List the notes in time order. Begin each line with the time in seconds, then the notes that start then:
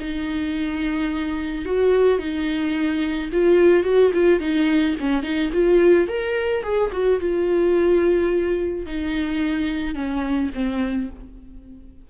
0.00 D#4
1.65 F#4
2.19 D#4
3.32 F4
3.84 F#4
4.14 F4
4.40 D#4
5.00 C#4
5.23 D#4
5.53 F4
6.08 A#4
6.63 G#4
6.93 F#4
7.20 F4
8.86 D#4
9.95 C#4
10.55 C4